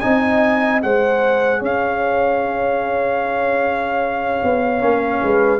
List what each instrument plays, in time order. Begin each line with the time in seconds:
0.00 tuba C4, trombone D#4, horn D#5, trumpet G#5
0.80 tuba G#3, trombone G#4, horn C5, trumpet F#5
1.59 tuba C#4, horn C#5, trumpet F5
4.43 tuba B3
4.78 tuba A#3, trombone C#4
5.21 tuba G#3, horn B4